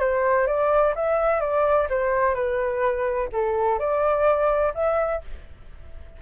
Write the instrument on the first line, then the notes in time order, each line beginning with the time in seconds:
flute
0.00 C5
0.47 D5
0.95 E5
1.41 D5
1.90 C5
2.35 B4
3.33 A4
3.79 D5
4.75 E5